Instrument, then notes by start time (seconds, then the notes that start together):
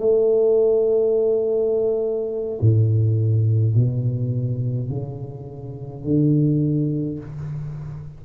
tuba
0.00 A3
2.62 A2
3.76 B2
4.90 C#3
6.04 D3